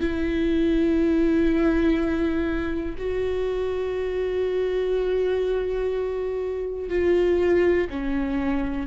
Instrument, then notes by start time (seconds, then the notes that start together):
viola
0.00 E4
2.97 F#4
6.89 F4
7.90 C#4